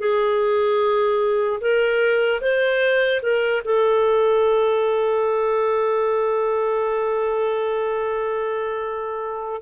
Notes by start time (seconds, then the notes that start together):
0.00 G#4
1.61 A#4
2.41 C5
3.22 A#4
3.64 A4